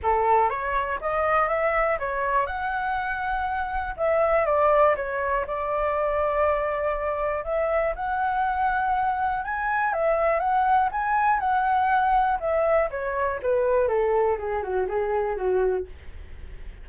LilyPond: \new Staff \with { instrumentName = "flute" } { \time 4/4 \tempo 4 = 121 a'4 cis''4 dis''4 e''4 | cis''4 fis''2. | e''4 d''4 cis''4 d''4~ | d''2. e''4 |
fis''2. gis''4 | e''4 fis''4 gis''4 fis''4~ | fis''4 e''4 cis''4 b'4 | a'4 gis'8 fis'8 gis'4 fis'4 | }